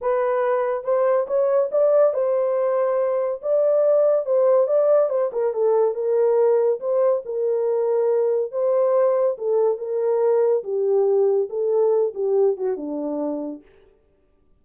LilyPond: \new Staff \with { instrumentName = "horn" } { \time 4/4 \tempo 4 = 141 b'2 c''4 cis''4 | d''4 c''2. | d''2 c''4 d''4 | c''8 ais'8 a'4 ais'2 |
c''4 ais'2. | c''2 a'4 ais'4~ | ais'4 g'2 a'4~ | a'8 g'4 fis'8 d'2 | }